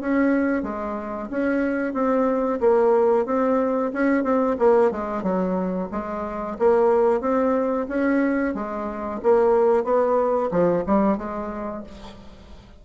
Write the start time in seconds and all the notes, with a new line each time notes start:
0.00 C#4
0.63 G#3
1.30 C#4
1.94 C4
2.60 A#3
3.25 C4
3.93 C#4
4.23 C4
4.59 A#3
4.91 G#3
5.22 F#3
5.91 G#3
6.58 A#3
7.21 C4
7.88 C#4
8.54 G#3
9.23 A#3
9.84 B3
10.51 F3
10.86 G3
11.18 G#3